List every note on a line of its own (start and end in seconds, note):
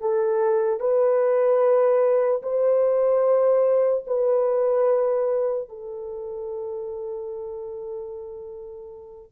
0.00 0.80 A4
0.80 2.42 B4
2.42 4.04 C5
4.07 5.69 B4
5.69 9.32 A4